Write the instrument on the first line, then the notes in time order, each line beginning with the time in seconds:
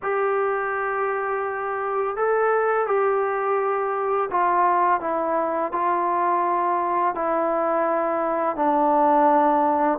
trombone
0.02 G4
2.16 A4
2.86 G4
4.30 F4
5.00 E4
5.71 F4
7.14 E4
8.56 D4